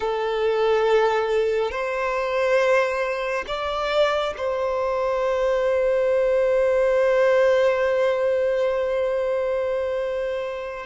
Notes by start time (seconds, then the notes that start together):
0.00 A4
1.71 C5
3.47 D5
4.37 C5